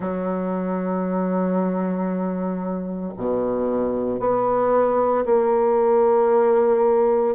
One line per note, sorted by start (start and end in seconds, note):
0.00 3.13 F#3
3.17 4.19 B2
4.19 5.24 B3
5.25 7.35 A#3